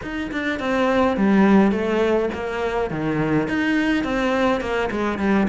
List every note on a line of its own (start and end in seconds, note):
0.02 0.31 D#4
0.31 0.59 D4
0.59 1.16 C4
1.16 1.71 G3
1.71 2.29 A3
2.33 2.90 A#3
2.90 3.48 D#3
3.48 4.04 D#4
4.04 4.60 C4
4.60 4.89 A#3
4.90 5.18 G#3
5.18 5.47 G3